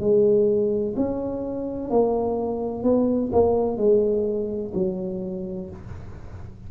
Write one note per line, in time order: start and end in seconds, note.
0.00 0.95 G#3
0.97 1.90 C#4
1.90 2.83 A#3
2.83 3.31 B3
3.32 3.77 A#3
3.77 4.72 G#3
4.74 5.70 F#3